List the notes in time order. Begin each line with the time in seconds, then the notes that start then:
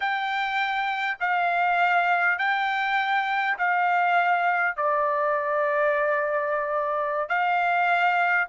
0.00 G5
1.20 F5
2.38 G5
3.58 F5
4.76 D5
7.29 F5